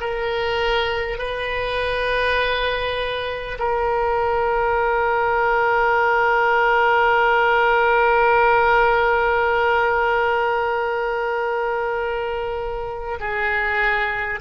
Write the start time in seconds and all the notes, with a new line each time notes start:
0.00 A#4
1.18 B4
3.59 A#4
13.20 G#4